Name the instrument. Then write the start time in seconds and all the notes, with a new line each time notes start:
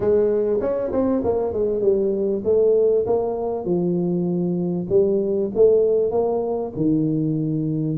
tuba
0.00 G#3
0.60 C#4
0.92 C4
1.24 A#3
1.53 G#3
1.81 G3
2.44 A3
3.06 A#3
3.64 F3
4.89 G3
5.55 A3
6.11 A#3
6.76 D#3